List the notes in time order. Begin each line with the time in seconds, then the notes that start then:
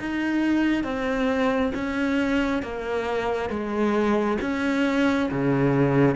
0.00 D#4
0.84 C4
1.74 C#4
2.63 A#3
3.50 G#3
4.42 C#4
5.32 C#3